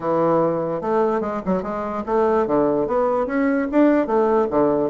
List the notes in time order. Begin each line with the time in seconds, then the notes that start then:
0.00 E3
0.81 A3
1.20 G#3
1.45 F#3
1.62 G#3
2.06 A3
2.46 D3
2.87 B3
3.26 C#4
3.71 D4
4.06 A3
4.50 D3